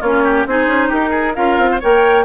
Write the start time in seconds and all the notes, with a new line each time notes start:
0.00 A#3 C#4 F4 C#5
0.24 G4
0.45 C4 D#4 G#4 C5
0.67 C#4
0.88 D#4 G4 A#4
1.10 G#4
1.34 C#4 F4 A#4 F5
1.57 C4
1.71 C5
1.80 A#3 A#4 C#5 G5